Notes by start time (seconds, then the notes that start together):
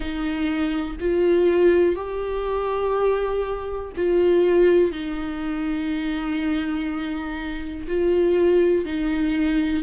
0.00 D#4
1.00 F4
1.95 G4
3.96 F4
4.91 D#4
7.87 F4
8.85 D#4